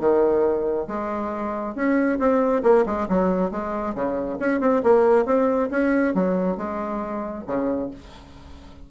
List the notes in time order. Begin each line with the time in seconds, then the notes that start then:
0.00 D#3
0.88 G#3
1.76 C#4
2.20 C4
2.64 A#3
2.86 G#3
3.09 F#3
3.52 G#3
3.95 C#3
4.40 C#4
4.61 C4
4.84 A#3
5.26 C4
5.71 C#4
6.15 F#3
6.58 G#3
7.47 C#3